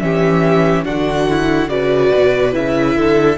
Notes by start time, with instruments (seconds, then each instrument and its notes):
0.00 cello E3, viola C#4, violin G4 E5
0.85 cello D3, viola D4, violin F#4 F#5
1.30 viola E4
1.69 cello C#3, viola F#4, violin B4 D5
2.15 cello B2
2.52 cello C#3, viola E4, violin E5
2.96 cello D3, violin A4